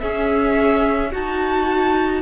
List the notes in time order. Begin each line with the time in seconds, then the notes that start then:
0.00 C#4 G#4 E5
1.11 D#4 F#4 A5